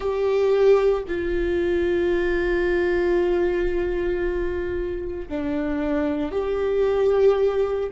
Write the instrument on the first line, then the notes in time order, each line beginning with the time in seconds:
viola
0.00 G4
1.07 F4
5.29 D4
6.32 G4